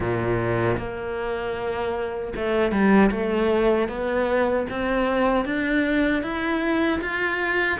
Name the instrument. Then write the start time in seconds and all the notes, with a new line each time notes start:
cello
0.00 A#2
0.78 A#3
2.36 A3
2.71 G3
3.11 A3
3.88 B3
4.70 C4
5.45 D4
6.22 E4
7.01 F4